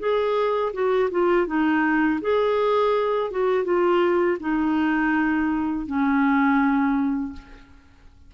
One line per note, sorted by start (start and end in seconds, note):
0.00 0.73 G#4
0.74 1.10 F#4
1.11 1.47 F4
1.47 2.21 D#4
2.22 3.31 G#4
3.31 3.65 F#4
3.65 4.38 F4
4.40 5.87 D#4
5.87 7.33 C#4